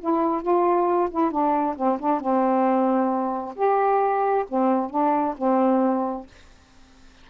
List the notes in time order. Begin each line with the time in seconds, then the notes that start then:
0.00 E4
0.42 F4
1.10 E4
1.31 D4
1.76 C4
1.99 D4
2.20 C4
3.55 G4
4.48 C4
4.90 D4
5.37 C4